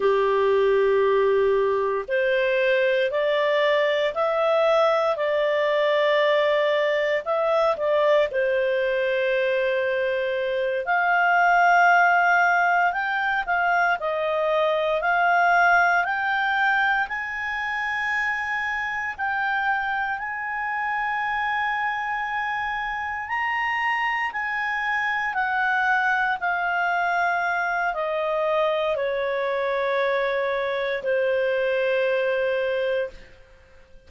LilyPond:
\new Staff \with { instrumentName = "clarinet" } { \time 4/4 \tempo 4 = 58 g'2 c''4 d''4 | e''4 d''2 e''8 d''8 | c''2~ c''8 f''4.~ | f''8 g''8 f''8 dis''4 f''4 g''8~ |
g''8 gis''2 g''4 gis''8~ | gis''2~ gis''8 ais''4 gis''8~ | gis''8 fis''4 f''4. dis''4 | cis''2 c''2 | }